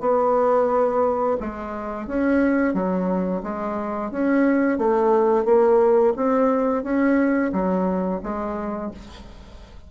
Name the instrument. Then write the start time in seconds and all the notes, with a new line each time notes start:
bassoon
0.00 B3
1.40 G#3
2.07 C#4
2.73 F#3
3.43 G#3
4.11 C#4
4.78 A3
5.45 A#3
6.16 C4
6.83 C#4
7.52 F#3
8.23 G#3